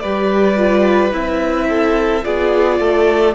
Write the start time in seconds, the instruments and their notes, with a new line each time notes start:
0.00 cello G3, viola G4, violin B4 D5
0.57 viola F4
1.12 cello C4, viola E4, violin E5
1.69 violin A4
2.23 cello B3, viola F4, violin G#4 D5
2.80 cello A3, violin A4